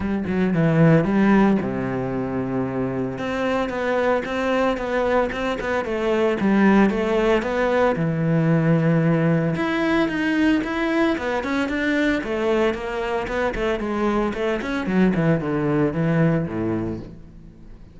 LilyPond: \new Staff \with { instrumentName = "cello" } { \time 4/4 \tempo 4 = 113 g8 fis8 e4 g4 c4~ | c2 c'4 b4 | c'4 b4 c'8 b8 a4 | g4 a4 b4 e4~ |
e2 e'4 dis'4 | e'4 b8 cis'8 d'4 a4 | ais4 b8 a8 gis4 a8 cis'8 | fis8 e8 d4 e4 a,4 | }